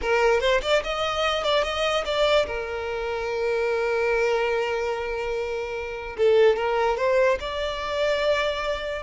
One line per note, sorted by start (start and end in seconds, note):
0.01 0.40 A#4
0.40 0.61 C5
0.62 0.82 D5
0.83 1.43 D#5
1.43 1.63 D5
1.63 2.04 D#5
2.05 2.46 D5
2.46 6.16 A#4
6.17 6.56 A4
6.56 6.97 A#4
6.97 7.38 C5
7.40 9.02 D5